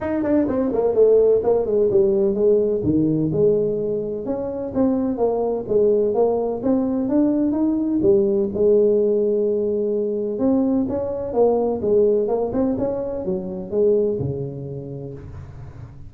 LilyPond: \new Staff \with { instrumentName = "tuba" } { \time 4/4 \tempo 4 = 127 dis'8 d'8 c'8 ais8 a4 ais8 gis8 | g4 gis4 dis4 gis4~ | gis4 cis'4 c'4 ais4 | gis4 ais4 c'4 d'4 |
dis'4 g4 gis2~ | gis2 c'4 cis'4 | ais4 gis4 ais8 c'8 cis'4 | fis4 gis4 cis2 | }